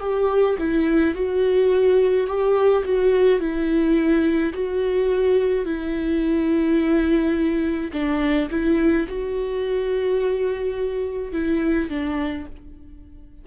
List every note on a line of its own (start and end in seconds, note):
0.00 0.57 G4
0.59 1.15 E4
1.15 2.27 F#4
2.27 2.84 G4
2.85 3.40 F#4
3.40 4.53 E4
4.54 5.65 F#4
5.65 7.91 E4
7.93 8.50 D4
8.51 9.07 E4
9.08 11.33 F#4
11.33 11.90 E4
11.90 12.46 D4